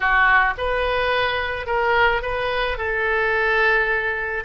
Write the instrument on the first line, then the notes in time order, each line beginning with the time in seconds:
oboe
0.00 F#4
0.57 B4
1.66 A#4
2.21 B4
2.77 A4